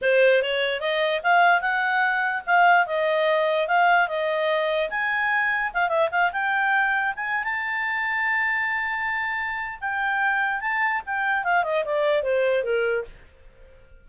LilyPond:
\new Staff \with { instrumentName = "clarinet" } { \time 4/4 \tempo 4 = 147 c''4 cis''4 dis''4 f''4 | fis''2 f''4 dis''4~ | dis''4 f''4 dis''2 | gis''2 f''8 e''8 f''8 g''8~ |
g''4. gis''8. a''4.~ a''16~ | a''1 | g''2 a''4 g''4 | f''8 dis''8 d''4 c''4 ais'4 | }